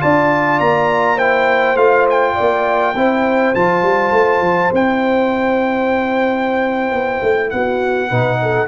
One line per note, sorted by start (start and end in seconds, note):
0.00 0.60 D4
0.00 1.18 F4
0.00 1.16 D5
0.00 0.59 A5
0.59 1.75 A#3
0.59 1.18 A#5
1.16 1.76 E4
1.16 2.33 C5
1.16 1.76 G5
1.75 2.34 A3
1.75 2.94 F4
1.75 2.06 F5
2.10 3.54 G5
2.34 2.95 A#3
2.34 2.93 D5
2.95 3.53 C4
2.95 3.55 E4
2.95 7.52 C5
3.54 3.82 F3
3.54 4.72 F4
3.54 4.72 A5
3.82 4.11 G3
4.11 4.40 A3
4.40 4.70 F3
4.72 6.91 C4
4.72 8.10 E4
4.72 7.50 G5
6.91 7.21 B3
7.22 7.51 A3
7.50 8.11 B3
7.50 8.08 F#4
7.50 8.67 F#5
8.08 8.68 B2
8.08 8.68 D#4
8.08 8.37 B4
8.42 8.68 A4